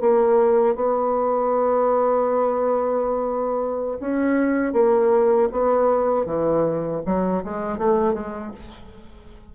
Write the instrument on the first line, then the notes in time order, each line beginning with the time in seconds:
bassoon
0.00 A#3
0.75 B3
3.99 C#4
4.73 A#3
5.51 B3
6.25 E3
7.05 F#3
7.44 G#3
7.78 A3
8.13 G#3